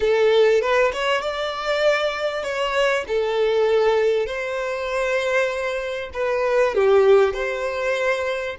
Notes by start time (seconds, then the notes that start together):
0.00 A4
0.61 B4
0.93 C#5
1.21 D5
2.43 C#5
3.08 A4
4.26 C5
6.13 B4
6.74 G4
7.33 C5